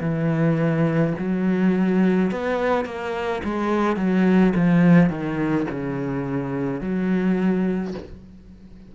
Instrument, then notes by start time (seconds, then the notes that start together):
cello
0.00 E3
1.18 F#3
2.31 B3
2.86 A#3
3.44 G#3
3.96 F#3
4.55 F3
5.09 D#3
5.71 C#3
6.81 F#3